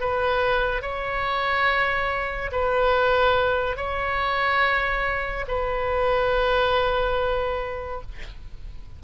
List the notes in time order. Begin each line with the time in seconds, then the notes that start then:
0.00 B4
0.81 C#5
2.52 B4
3.76 C#5
5.48 B4